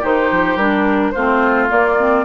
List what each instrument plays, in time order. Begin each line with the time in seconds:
0.00 bassoon D#3, clarinet D#4, oboe G4, flute C5
0.30 bassoon F3
0.56 bassoon G3, clarinet D4, flute A#4
1.11 bassoon A3, clarinet C4, oboe F4, flute C5
1.69 clarinet A#3, bassoon A#3, flute D5
1.98 clarinet C4